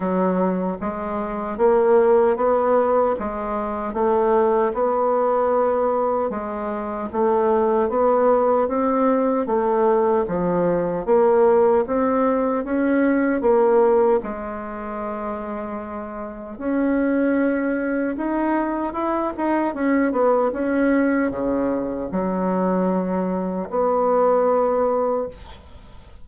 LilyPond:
\new Staff \with { instrumentName = "bassoon" } { \time 4/4 \tempo 4 = 76 fis4 gis4 ais4 b4 | gis4 a4 b2 | gis4 a4 b4 c'4 | a4 f4 ais4 c'4 |
cis'4 ais4 gis2~ | gis4 cis'2 dis'4 | e'8 dis'8 cis'8 b8 cis'4 cis4 | fis2 b2 | }